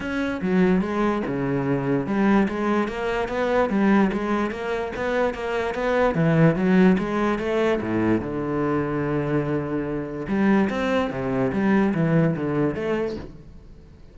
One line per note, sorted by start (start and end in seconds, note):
0.00 0.41 C#4
0.41 0.81 F#3
0.81 1.22 G#3
1.26 2.06 C#3
2.06 2.47 G3
2.48 2.88 G#3
2.88 3.28 A#3
3.28 3.69 B3
3.69 4.10 G3
4.12 4.51 G#3
4.51 4.92 A#3
4.96 5.34 B3
5.34 5.74 A#3
5.74 6.14 B3
6.14 6.55 E3
6.55 6.96 F#3
6.98 7.39 G#3
7.39 7.80 A3
7.80 8.20 A2
8.20 10.26 D3
10.28 10.69 G3
10.69 11.10 C4
11.10 11.51 C3
11.52 11.93 G3
11.94 12.35 E3
12.35 12.74 D3
12.74 13.15 A3